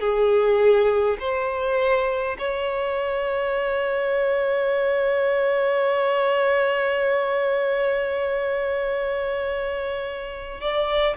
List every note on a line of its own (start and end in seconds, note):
0.00 1.18 G#4
1.19 2.37 C5
2.39 10.60 C#5
10.60 11.17 D5